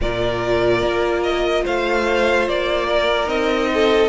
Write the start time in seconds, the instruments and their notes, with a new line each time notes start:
0.01 cello A#2, viola F4, violin A#4 D5
0.82 cello A#3
1.22 violin D#5
1.63 cello A3, violin C5 F5
2.48 cello A#3, violin D5
2.87 violin A#4
3.25 cello C4, viola D#4, violin D#5
3.74 violin A4